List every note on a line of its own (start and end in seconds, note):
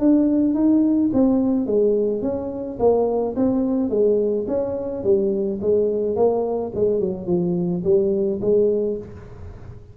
0.00 0.55 D4
0.55 1.11 D#4
1.14 1.67 C4
1.67 2.23 G#3
2.23 2.79 C#4
2.79 3.35 A#3
3.36 3.90 C4
3.90 4.46 G#3
4.48 5.04 C#4
5.04 5.60 G3
5.62 6.16 G#3
6.16 6.72 A#3
6.75 7.00 G#3
7.00 7.27 F#3
7.27 7.83 F3
7.85 8.41 G3
8.42 8.98 G#3